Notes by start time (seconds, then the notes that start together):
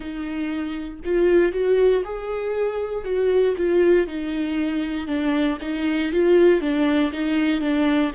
0.00 D#4
1.04 F4
1.52 F#4
2.04 G#4
3.04 F#4
3.57 F4
4.07 D#4
5.07 D4
5.61 D#4
6.12 F4
6.61 D4
7.12 D#4
7.60 D4